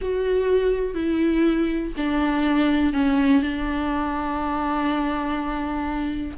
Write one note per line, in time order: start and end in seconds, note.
0.01 0.94 F#4
0.94 1.92 E4
1.96 2.93 D4
2.93 3.42 C#4
3.42 6.37 D4